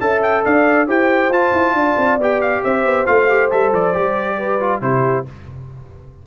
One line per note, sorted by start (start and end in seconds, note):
0.00 0.44 C#4
0.00 0.87 A4
0.00 0.44 E5
0.00 0.22 A5
0.23 0.44 G5
0.44 0.88 D4
0.44 0.87 D5
0.44 0.89 F5
0.87 1.29 E4
0.87 1.31 G4
0.87 1.74 C5
0.87 1.32 G5
1.29 1.51 F4
1.29 2.20 F4
1.29 2.20 A5
1.53 1.73 E4
1.73 1.95 D4
1.73 2.64 D5
1.97 2.18 C4
2.18 2.62 B3
2.18 3.06 G4
2.18 2.41 G5
2.41 2.63 F5
2.64 2.85 C4
2.64 4.38 C5
2.64 3.06 E5
2.85 3.07 B3
3.06 3.52 A3
3.06 3.28 F4
3.06 3.50 F5
3.29 3.51 G4
3.51 3.72 G3
3.51 3.94 A4
3.51 3.73 E5
3.72 3.94 F3
3.72 4.82 D5
3.94 4.81 G3
3.94 4.59 G4
4.38 4.81 B4
4.60 4.81 F4
4.81 5.25 C3
4.81 5.25 E4
4.81 5.26 G4
4.81 5.25 C5